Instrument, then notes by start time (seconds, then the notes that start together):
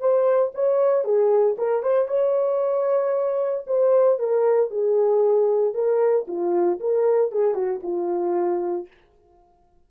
horn
0.00 C5
0.55 C#5
1.05 G#4
1.58 A#4
1.83 C5
2.08 C#5
3.67 C5
4.19 A#4
4.71 G#4
5.74 A#4
6.28 F4
6.80 A#4
7.32 G#4
7.55 F#4
7.83 F4